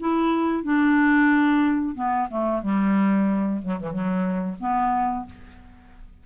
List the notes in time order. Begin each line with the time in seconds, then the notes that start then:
0.00 E4
0.64 D4
1.95 B3
2.30 A3
2.63 G3
3.63 F#3
3.80 E3
3.92 F#3
4.60 B3